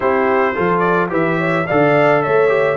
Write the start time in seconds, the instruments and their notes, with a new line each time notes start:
0.00 tuba C4, trombone E4, horn G4, trumpet C5
0.54 tuba F3, trombone F4, horn A4
0.79 trumpet D5
1.09 tuba E3, trombone G4, horn B4, trumpet E5
1.38 horn C#5
1.67 tuba D3, trombone A4, horn D5, trumpet F5
2.22 tuba A3, horn C#5, trumpet E5
2.47 trombone G4